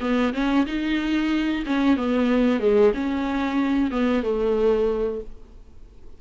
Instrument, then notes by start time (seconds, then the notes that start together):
viola
0.00 B3
0.33 C#4
0.66 D#4
1.66 C#4
1.96 B3
2.60 G#3
2.94 C#4
3.90 B3
4.23 A3